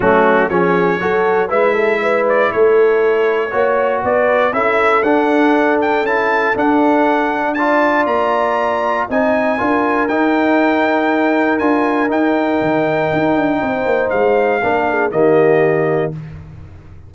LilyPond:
<<
  \new Staff \with { instrumentName = "trumpet" } { \time 4/4 \tempo 4 = 119 fis'4 cis''2 e''4~ | e''8 d''8 cis''2. | d''4 e''4 fis''4. g''8 | a''4 fis''2 a''4 |
ais''2 gis''2 | g''2. gis''4 | g''1 | f''2 dis''2 | }
  \new Staff \with { instrumentName = "horn" } { \time 4/4 cis'4 gis'4 a'4 b'8 a'8 | b'4 a'2 cis''4 | b'4 a'2.~ | a'2. d''4~ |
d''2 dis''4 ais'4~ | ais'1~ | ais'2. c''4~ | c''4 ais'8 gis'8 g'2 | }
  \new Staff \with { instrumentName = "trombone" } { \time 4/4 a4 cis'4 fis'4 e'4~ | e'2. fis'4~ | fis'4 e'4 d'2 | e'4 d'2 f'4~ |
f'2 dis'4 f'4 | dis'2. f'4 | dis'1~ | dis'4 d'4 ais2 | }
  \new Staff \with { instrumentName = "tuba" } { \time 4/4 fis4 f4 fis4 gis4~ | gis4 a2 ais4 | b4 cis'4 d'2 | cis'4 d'2. |
ais2 c'4 d'4 | dis'2. d'4 | dis'4 dis4 dis'8 d'8 c'8 ais8 | gis4 ais4 dis2 | }
>>